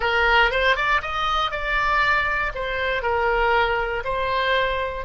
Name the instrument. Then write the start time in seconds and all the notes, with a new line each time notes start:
oboe
0.00 A#4
0.50 C5
0.76 D5
1.01 D#5
1.51 D5
2.55 C5
3.02 A#4
4.04 C5